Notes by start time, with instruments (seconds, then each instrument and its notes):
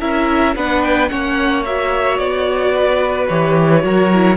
0.00 cello C#4, viola E4, violin A#4 E5
0.55 cello B3, viola D4, violin B4 F#5
0.82 violin G5
1.08 cello A#3, viola C#4, violin C#5 F#5
1.65 viola F#4, violin E5
2.17 cello B3, violin D5
2.75 violin B4
3.28 cello E3, viola G4, violin C#5
3.81 cello F#3, viola F#4, violin A#4
4.13 viola E4